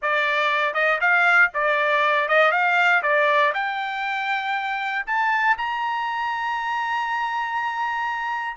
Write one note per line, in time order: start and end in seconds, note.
0.02 0.73 D5
0.73 0.99 D#5
1.00 1.51 F5
1.54 2.28 D5
2.28 2.51 D#5
2.51 3.02 F5
3.02 3.52 D5
3.53 5.05 G5
5.06 5.56 A5
5.57 8.56 A#5